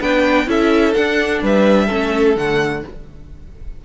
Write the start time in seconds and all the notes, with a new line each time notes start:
0.00 B3 D4 B4 G5
0.46 C#4 E4 A4 E5
0.94 D4 F#5
1.42 G3 B4 E5
1.85 C#4 A4
1.92 A3
2.36 D3 A3 F#5